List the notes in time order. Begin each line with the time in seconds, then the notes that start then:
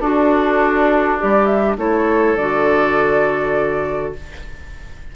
0.00 D4 F#4 A4
1.18 G3 G4 D5
1.45 E5
1.77 A3 E4 A4 C#5
2.36 D3 F#4 D5